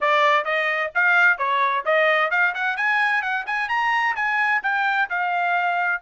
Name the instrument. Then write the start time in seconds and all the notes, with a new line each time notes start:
trumpet
0.00 D5
0.44 D#5
0.95 F5
1.38 C#5
1.85 D#5
2.30 F5
2.54 F#5
2.76 G#5
3.21 F#5
3.46 G#5
3.69 A#5
4.15 G#5
4.62 G5
5.09 F5